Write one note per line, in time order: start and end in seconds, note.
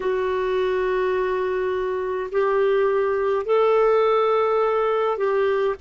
0.00 2.30 F#4
2.31 3.45 G4
3.45 5.17 A4
5.17 5.75 G4